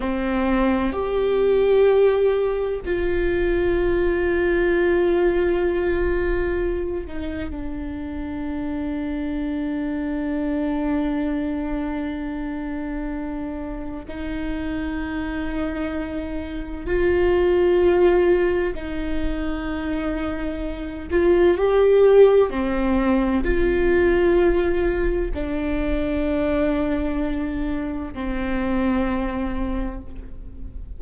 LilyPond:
\new Staff \with { instrumentName = "viola" } { \time 4/4 \tempo 4 = 64 c'4 g'2 f'4~ | f'2.~ f'8 dis'8 | d'1~ | d'2. dis'4~ |
dis'2 f'2 | dis'2~ dis'8 f'8 g'4 | c'4 f'2 d'4~ | d'2 c'2 | }